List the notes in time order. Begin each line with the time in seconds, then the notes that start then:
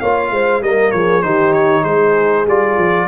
0.00 A#3 F4 C#5 F5
0.30 G#3 C5
0.61 G3 A#3 A#4 D#5
0.91 F3 G#4 C#5
1.22 D#3 D#4 G4 C5
1.53 C#5
1.82 G#3 G#4 C5
2.46 G3 F4 D5
2.77 F3